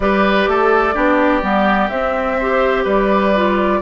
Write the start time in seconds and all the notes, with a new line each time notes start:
0.00 G3 G4 B4 D5
0.47 A3 A4
0.94 B3 D4 G4
1.42 G3 B3
1.88 C4 E5
2.38 G4 C5
2.84 G3 B4 D5
3.35 F4